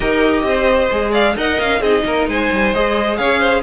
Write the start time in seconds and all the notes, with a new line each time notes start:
0.00 D#4 G4 A#4 D#5
0.43 C4 C5
0.91 G#3 G#4
1.11 D5 F5
1.36 D#4 A#4 D#5 F#5
1.60 C#4 F5
1.80 C4 D#4 G#4 D#5
2.04 A#3 A#4
2.27 G#3 C5 G#5
2.52 G3
2.74 G#3 G#4 D#5
3.17 C#4 C#5 F5
3.39 C5